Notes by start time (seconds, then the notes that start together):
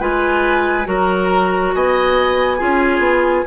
0.00 G#3 F4 B4 G#5
0.85 F#3 F#4 A#4 A#5
1.75 B3 D#5 G#5
2.58 C#4 F4 G#4
2.99 B3